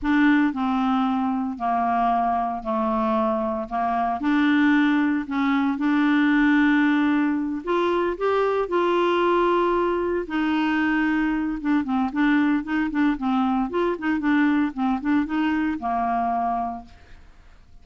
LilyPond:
\new Staff \with { instrumentName = "clarinet" } { \time 4/4 \tempo 4 = 114 d'4 c'2 ais4~ | ais4 a2 ais4 | d'2 cis'4 d'4~ | d'2~ d'8 f'4 g'8~ |
g'8 f'2. dis'8~ | dis'2 d'8 c'8 d'4 | dis'8 d'8 c'4 f'8 dis'8 d'4 | c'8 d'8 dis'4 ais2 | }